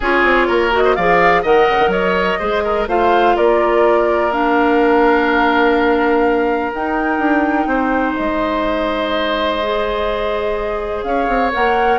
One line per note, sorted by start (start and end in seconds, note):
0.00 0.23 C#4
0.00 0.71 F4
0.00 0.47 G#4
0.00 0.74 C#5
0.23 0.47 C4
0.47 0.97 A#3
0.47 0.83 A#4
0.71 0.95 F#4
0.71 0.95 D#5
0.84 0.95 C5
0.95 1.44 F3
0.95 1.44 G#4
0.95 1.42 D5
0.95 1.43 F5
1.42 1.68 D#3
1.42 2.39 A#4
1.42 1.90 D#5
1.42 1.91 F#5
1.69 1.79 C#3
1.79 1.87 D#3
1.87 2.35 F#3
1.87 2.39 C#5
1.87 2.87 D#5
2.39 2.87 G#3
2.39 2.87 G#4
2.39 2.63 C5
2.64 2.88 A#4
2.87 3.35 A3
2.87 4.31 F4
2.87 3.36 C5
2.87 3.36 F5
3.36 6.73 A#3
3.36 7.68 A#4
3.36 4.32 D5
4.31 6.71 D4
4.31 6.72 F5
6.73 7.18 D#4
6.73 9.62 D#4
6.73 8.14 G5
7.18 7.66 D4
7.66 8.14 C4
7.66 11.04 C5
8.14 11.03 G#3
8.14 11.03 D#5
9.62 11.52 G#4
11.03 11.27 C#4
11.03 11.98 C#5
11.03 11.51 F5
11.27 11.51 C4
11.52 11.98 A#3
11.52 11.98 A#4
11.52 11.98 F#5